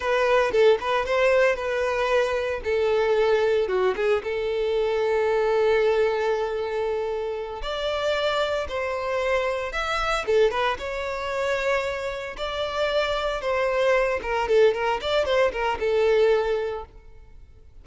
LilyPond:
\new Staff \with { instrumentName = "violin" } { \time 4/4 \tempo 4 = 114 b'4 a'8 b'8 c''4 b'4~ | b'4 a'2 fis'8 gis'8 | a'1~ | a'2~ a'8 d''4.~ |
d''8 c''2 e''4 a'8 | b'8 cis''2. d''8~ | d''4. c''4. ais'8 a'8 | ais'8 d''8 c''8 ais'8 a'2 | }